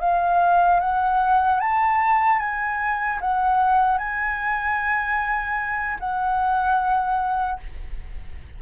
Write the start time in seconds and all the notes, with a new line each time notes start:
0.00 F5
0.80 F#5
1.60 A5
2.39 G#5
3.21 F#5
3.98 G#5
6.00 F#5